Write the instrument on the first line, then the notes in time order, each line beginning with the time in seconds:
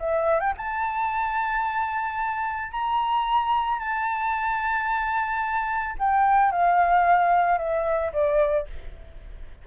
flute
0.00 E5
0.40 G5
0.57 A5
2.72 A#5
3.80 A5
5.99 G5
6.52 F5
7.58 E5
8.13 D5